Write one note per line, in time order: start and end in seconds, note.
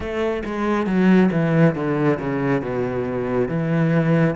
0.00 0.42 A3
0.45 0.86 G#3
0.86 1.30 F#3
1.31 1.75 E3
1.75 2.18 D3
2.19 2.61 C#3
2.61 3.48 B2
3.48 4.35 E3